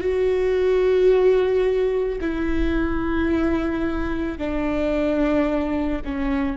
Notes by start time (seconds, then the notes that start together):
0.00 F#4
2.20 E4
4.37 D4
6.04 C#4